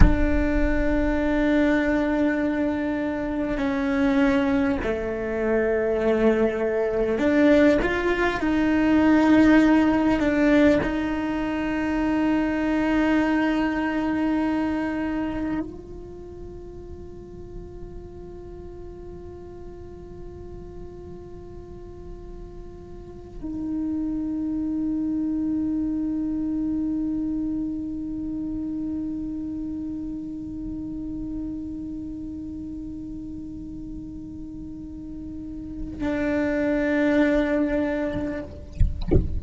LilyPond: \new Staff \with { instrumentName = "cello" } { \time 4/4 \tempo 4 = 50 d'2. cis'4 | a2 d'8 f'8 dis'4~ | dis'8 d'8 dis'2.~ | dis'4 f'2.~ |
f'2.~ f'8 dis'8~ | dis'1~ | dis'1~ | dis'2 d'2 | }